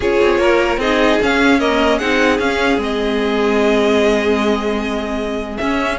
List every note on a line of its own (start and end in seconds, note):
0.00 0.18 C#4
0.00 0.81 F4
0.00 0.40 G#4
0.00 0.80 C#5
0.21 0.38 C4
0.38 0.77 A#3
0.38 0.79 A#4
0.77 1.17 C4
0.77 1.21 D#4
0.77 1.59 G#4
0.77 1.20 D#5
1.21 1.60 C#4
1.21 2.01 C#4
1.21 1.59 F5
1.59 2.00 A#3
1.59 1.98 A#4
1.59 1.98 D#5
1.98 2.38 C4
1.98 2.40 D#4
1.98 5.98 G#4
1.98 2.38 F#5
2.38 2.77 C#4
2.38 2.78 C#4
2.38 2.79 F5
2.77 5.57 G#3
2.77 5.58 C4
2.77 5.57 D#5
5.57 5.98 C#4
5.57 5.97 E5